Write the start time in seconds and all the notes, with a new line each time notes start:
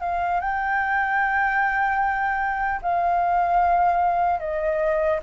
0.00 F5
0.40 G5
2.82 F5
4.39 D#5